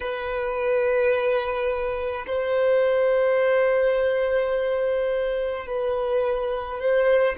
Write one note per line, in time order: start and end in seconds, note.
0.00 2.25 B4
2.26 5.66 C5
5.66 6.79 B4
6.79 7.36 C5